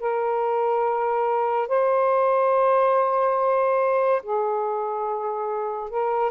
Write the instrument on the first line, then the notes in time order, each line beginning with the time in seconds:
saxophone
0.00 A#4
1.69 C5
4.23 G#4
5.90 A#4